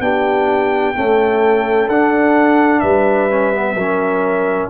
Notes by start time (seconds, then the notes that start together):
0.00 B3 D4 G4 G5
0.95 A3 C#4 A4
1.88 D4 F#5
2.79 G3 B4 E5
3.30 C#4
3.53 B3
3.74 F#3 C#4 A#4